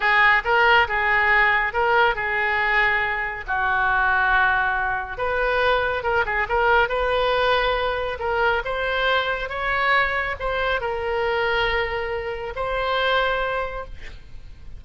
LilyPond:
\new Staff \with { instrumentName = "oboe" } { \time 4/4 \tempo 4 = 139 gis'4 ais'4 gis'2 | ais'4 gis'2. | fis'1 | b'2 ais'8 gis'8 ais'4 |
b'2. ais'4 | c''2 cis''2 | c''4 ais'2.~ | ais'4 c''2. | }